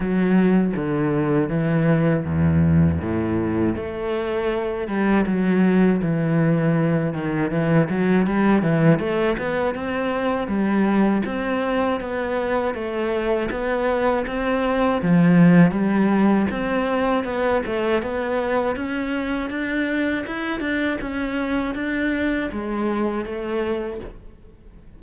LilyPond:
\new Staff \with { instrumentName = "cello" } { \time 4/4 \tempo 4 = 80 fis4 d4 e4 e,4 | a,4 a4. g8 fis4 | e4. dis8 e8 fis8 g8 e8 | a8 b8 c'4 g4 c'4 |
b4 a4 b4 c'4 | f4 g4 c'4 b8 a8 | b4 cis'4 d'4 e'8 d'8 | cis'4 d'4 gis4 a4 | }